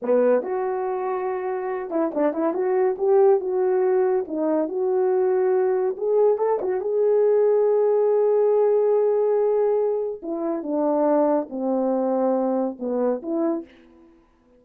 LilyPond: \new Staff \with { instrumentName = "horn" } { \time 4/4 \tempo 4 = 141 b4 fis'2.~ | fis'8 e'8 d'8 e'8 fis'4 g'4 | fis'2 dis'4 fis'4~ | fis'2 gis'4 a'8 fis'8 |
gis'1~ | gis'1 | e'4 d'2 c'4~ | c'2 b4 e'4 | }